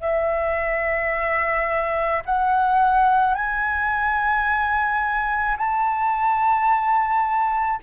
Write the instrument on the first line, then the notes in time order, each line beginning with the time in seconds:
flute
0.00 E5
2.25 F#5
3.34 G#5
5.57 A5